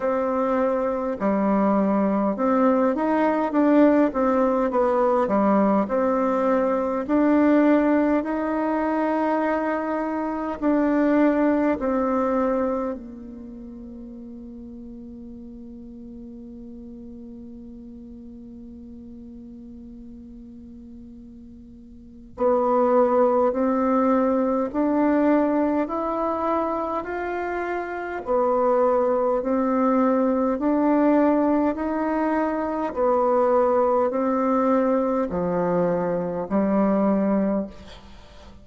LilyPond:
\new Staff \with { instrumentName = "bassoon" } { \time 4/4 \tempo 4 = 51 c'4 g4 c'8 dis'8 d'8 c'8 | b8 g8 c'4 d'4 dis'4~ | dis'4 d'4 c'4 ais4~ | ais1~ |
ais2. b4 | c'4 d'4 e'4 f'4 | b4 c'4 d'4 dis'4 | b4 c'4 f4 g4 | }